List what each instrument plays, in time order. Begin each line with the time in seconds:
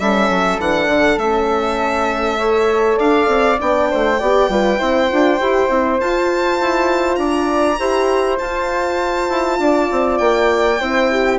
0.00 bassoon G3, horn C#4, flute A4, violin E5
0.30 bassoon F#3
0.59 bassoon E3, horn D4, violin F#5
0.87 bassoon D3
1.18 bassoon A3, horn C#4, violin E5
2.39 horn A4, flute C#5
2.98 bassoon D4, flute D5, violin F5
3.28 bassoon C4
3.58 bassoon B3, horn D4, violin G5
3.91 bassoon A3, flute C5
4.20 bassoon B3, horn G4, flute D5
4.50 bassoon G3, horn F4, flute B4
4.78 bassoon C4, horn E4, flute C5
5.09 bassoon D4, horn F4
5.39 bassoon E4, horn G4
5.69 bassoon C4, horn E4
6.00 horn F4, bassoon F4, violin A5
6.61 bassoon E4
7.16 bassoon D4, flute D5, violin A#5
7.79 bassoon E4, horn G4, flute C5
8.39 bassoon F4, horn F4, violin A5
9.30 bassoon E4
9.59 bassoon D4, flute D5
9.92 bassoon C4
10.18 bassoon A#3, violin G5
10.80 bassoon C4, horn E4, flute C5
11.11 flute G4